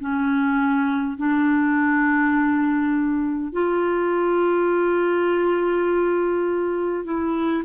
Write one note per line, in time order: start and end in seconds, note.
0.00 1.17 C#4
1.17 3.52 D4
3.52 7.04 F4
7.04 7.63 E4